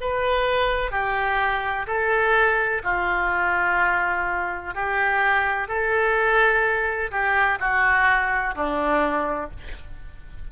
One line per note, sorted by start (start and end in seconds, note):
0.00 0.91 B4
0.91 1.86 G4
1.87 2.82 A4
2.84 4.74 F4
4.74 5.68 G4
5.68 7.11 A4
7.11 7.59 G4
7.59 8.55 F#4
8.55 9.50 D4